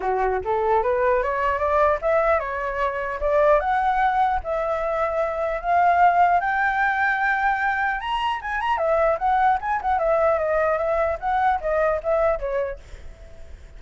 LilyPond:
\new Staff \with { instrumentName = "flute" } { \time 4/4 \tempo 4 = 150 fis'4 a'4 b'4 cis''4 | d''4 e''4 cis''2 | d''4 fis''2 e''4~ | e''2 f''2 |
g''1 | ais''4 gis''8 ais''8 e''4 fis''4 | gis''8 fis''8 e''4 dis''4 e''4 | fis''4 dis''4 e''4 cis''4 | }